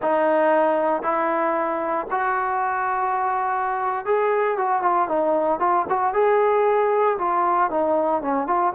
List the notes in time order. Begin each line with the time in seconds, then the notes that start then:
0.02 D#4
1.02 E4
2.10 F#4
4.05 G#4
4.57 F#4
4.82 F4
5.08 D#4
5.59 F4
5.89 F#4
6.13 G#4
7.18 F4
7.70 D#4
8.22 C#4
8.47 F4